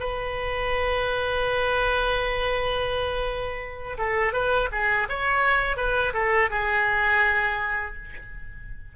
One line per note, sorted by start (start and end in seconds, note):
0.00 3.98 B4
3.98 4.33 A4
4.33 4.69 B4
4.72 5.08 G#4
5.09 5.77 C#5
5.77 6.13 B4
6.14 6.50 A4
6.51 7.95 G#4